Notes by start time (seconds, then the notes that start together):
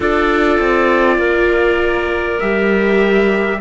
0.00 D4 F4 A4 D5
0.59 C4
1.18 A#3 A#4
2.39 G3 G4 E5